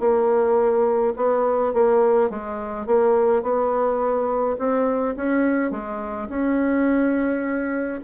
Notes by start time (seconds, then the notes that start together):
0.00 A#3
1.17 B3
1.74 A#3
2.30 G#3
2.86 A#3
3.43 B3
4.59 C4
5.17 C#4
5.71 G#3
6.29 C#4